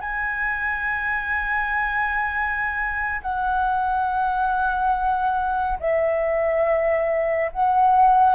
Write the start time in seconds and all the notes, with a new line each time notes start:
0.00 G#5
3.21 F#5
5.79 E5
7.52 F#5